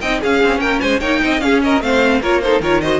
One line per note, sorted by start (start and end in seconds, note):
0.00 0.22 C4
0.00 0.23 D#4
0.00 0.20 D#5
0.00 0.20 G5
0.20 0.43 C#4
0.20 1.01 C#4
0.20 0.60 G#4
0.20 0.60 F5
0.43 0.59 C4
0.59 0.79 A#3
0.59 0.81 A#4
0.59 0.80 G5
0.80 1.00 G#3
0.80 1.00 C5
0.80 1.00 G#5
1.00 1.20 A#3
1.00 1.40 D#4
1.00 1.20 C#5
1.00 1.40 G5
1.23 1.41 C4
1.23 1.43 D#5
1.40 1.80 C#4
1.40 1.63 G#4
1.40 1.60 F5
1.63 1.84 A#4
1.63 1.82 D#5
1.80 2.20 A3
1.80 2.21 C4
1.80 2.21 C5
1.80 2.22 F5
2.20 2.60 A#3
2.20 2.42 F4
2.20 2.41 A#4
2.20 2.41 C#5
2.41 2.62 D#4
2.41 2.61 A4
2.41 2.61 C5
2.60 3.00 D#3
2.60 2.82 F4
2.60 2.81 A#4
2.60 2.81 C#5
2.81 3.00 F#4
2.81 3.00 C5
2.81 3.00 D#5